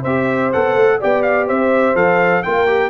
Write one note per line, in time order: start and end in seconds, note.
0.00 0.53 C4
0.00 0.53 G4
0.00 0.96 C5
0.00 0.51 E5
0.52 0.75 B3
0.52 1.00 A4
0.52 1.00 F#5
0.75 0.99 A3
0.99 1.50 B3
0.99 1.94 G4
0.99 1.47 D5
0.99 1.22 G5
1.22 1.46 F5
1.47 1.94 C4
1.47 2.43 C5
1.47 1.96 E5
1.94 2.42 F3
1.94 2.42 A4
1.94 2.42 F5
2.42 2.90 A#3
2.42 2.66 F4
2.42 2.90 A#4
2.42 2.90 G5
2.66 2.90 G4